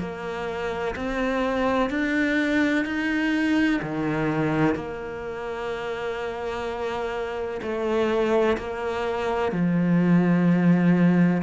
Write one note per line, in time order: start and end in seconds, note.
0.00 0.95 A#3
0.96 1.90 C4
1.90 2.85 D4
2.85 3.81 D#4
3.82 4.75 D#3
4.75 7.61 A#3
7.62 8.58 A3
8.58 9.52 A#3
9.52 11.43 F3